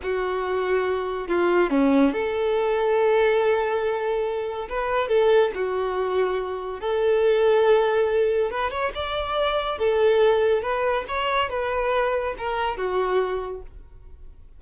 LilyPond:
\new Staff \with { instrumentName = "violin" } { \time 4/4 \tempo 4 = 141 fis'2. f'4 | cis'4 a'2.~ | a'2. b'4 | a'4 fis'2. |
a'1 | b'8 cis''8 d''2 a'4~ | a'4 b'4 cis''4 b'4~ | b'4 ais'4 fis'2 | }